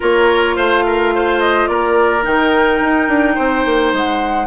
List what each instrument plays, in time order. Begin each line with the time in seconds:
0.00 bassoon A#3, clarinet F4, oboe A#4, flute C#5
0.56 bassoon A3, oboe C5, flute F5
0.86 oboe A#4
1.14 oboe C5
1.39 flute D#5
1.67 bassoon A#3, oboe A#4, flute D5
2.21 bassoon D#3, clarinet D#4, flute G5
2.80 bassoon D#4
3.08 bassoon D4
3.34 bassoon C4, oboe C5
3.65 bassoon A#3
3.92 bassoon G#3, flute F#5